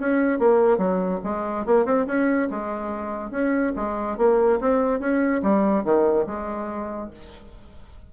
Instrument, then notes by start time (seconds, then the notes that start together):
bassoon
0.00 C#4
0.39 A#3
0.78 F#3
1.24 G#3
1.66 A#3
1.86 C4
2.07 C#4
2.50 G#3
3.31 C#4
3.76 G#3
4.18 A#3
4.61 C4
5.00 C#4
5.43 G3
5.85 D#3
6.27 G#3